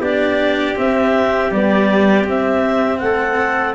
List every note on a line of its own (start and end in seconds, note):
0.00 0.75 B3
0.00 0.75 D4
0.00 3.01 G4
0.00 0.77 D5
0.75 1.50 C4
0.75 1.53 C4
0.75 1.52 E5
1.51 2.24 G3
1.51 2.27 B3
1.51 2.27 D5
2.24 3.74 C4
2.24 3.01 C4
2.24 2.99 E5
2.99 3.75 A3
2.99 3.75 A4
2.99 3.74 F#5